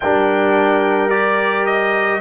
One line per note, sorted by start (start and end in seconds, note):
0.00 2.20 G3
0.00 1.10 D4
0.00 2.20 A#4
0.00 1.09 G5
1.10 2.20 G4
1.10 1.65 D5
1.65 2.20 D#5